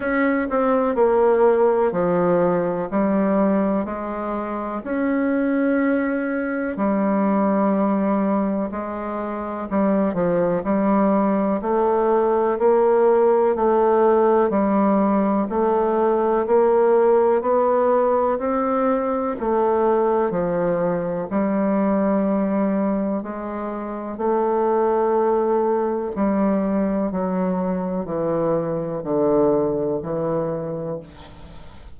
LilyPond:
\new Staff \with { instrumentName = "bassoon" } { \time 4/4 \tempo 4 = 62 cis'8 c'8 ais4 f4 g4 | gis4 cis'2 g4~ | g4 gis4 g8 f8 g4 | a4 ais4 a4 g4 |
a4 ais4 b4 c'4 | a4 f4 g2 | gis4 a2 g4 | fis4 e4 d4 e4 | }